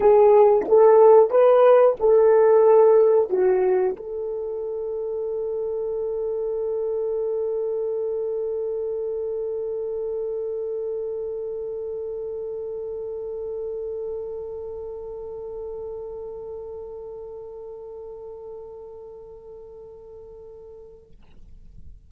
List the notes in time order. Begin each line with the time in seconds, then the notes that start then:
0.00 G#4
0.68 A4
1.30 B4
1.99 A4
3.30 F#4
3.96 A4